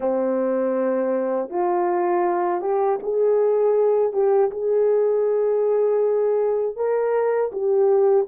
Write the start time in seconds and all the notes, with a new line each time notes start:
0.00 C4
1.49 F4
2.61 G4
3.02 G#4
4.12 G4
4.50 G#4
6.75 A#4
7.52 G4